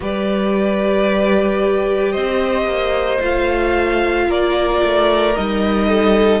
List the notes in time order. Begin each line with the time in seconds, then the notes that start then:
0.00 G3 G4 B4 D5
2.12 C4 C5 D#5
2.66 A#3
3.20 A3 F4 F5
4.27 A#3 A#4 D5
4.82 A3
5.35 G3 D#4 D#5
5.88 A4